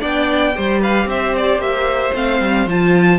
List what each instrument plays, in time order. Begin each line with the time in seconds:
0.00 cello B3, viola D4, violin D5 G5
0.55 cello G3, viola G4, violin C5
0.80 violin B4 F5
1.05 cello C4, violin C5 E5
1.37 violin D5
1.57 cello A#3, violin E5
2.13 cello A3, viola C4, violin F5
2.40 cello G3
2.66 cello F3, viola F4, violin A5